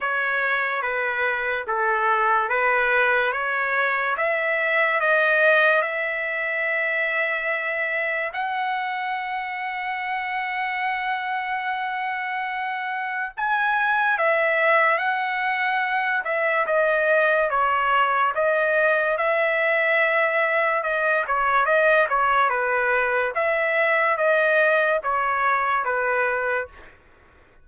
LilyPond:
\new Staff \with { instrumentName = "trumpet" } { \time 4/4 \tempo 4 = 72 cis''4 b'4 a'4 b'4 | cis''4 e''4 dis''4 e''4~ | e''2 fis''2~ | fis''1 |
gis''4 e''4 fis''4. e''8 | dis''4 cis''4 dis''4 e''4~ | e''4 dis''8 cis''8 dis''8 cis''8 b'4 | e''4 dis''4 cis''4 b'4 | }